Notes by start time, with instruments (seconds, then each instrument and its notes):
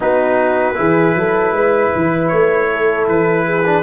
0.00 tuba B3, trombone D#4, horn F#4, trumpet B4
0.74 tuba E3, trombone E4, horn G#4
1.14 tuba F#3, horn A4
1.52 tuba G#3, horn B4
1.95 tuba E3
2.28 tuba A3, trumpet C#5
2.71 horn A4
3.08 tuba E3, trumpet B4
3.45 horn G#4
3.65 trombone D4